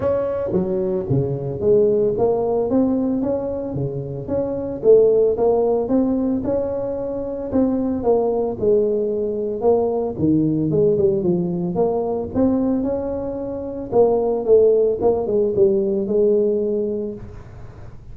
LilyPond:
\new Staff \with { instrumentName = "tuba" } { \time 4/4 \tempo 4 = 112 cis'4 fis4 cis4 gis4 | ais4 c'4 cis'4 cis4 | cis'4 a4 ais4 c'4 | cis'2 c'4 ais4 |
gis2 ais4 dis4 | gis8 g8 f4 ais4 c'4 | cis'2 ais4 a4 | ais8 gis8 g4 gis2 | }